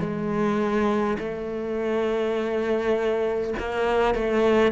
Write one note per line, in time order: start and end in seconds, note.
0.00 1.18 G#3
1.19 3.54 A3
3.59 4.14 A#3
4.14 4.72 A3